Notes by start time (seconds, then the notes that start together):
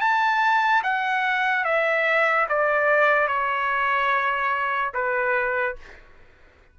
0.00 A5
0.83 F#5
1.64 E5
2.48 D5
3.27 C#5
4.94 B4